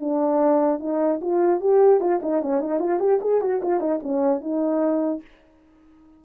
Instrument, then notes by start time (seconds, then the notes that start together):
horn
0.00 D4
0.80 D#4
1.21 F4
1.60 G4
2.00 F4
2.23 D#4
2.42 C#4
2.60 D#4
2.80 F4
3.00 G4
3.21 G#4
3.41 F#4
3.62 F4
3.80 D#4
4.03 C#4
4.41 D#4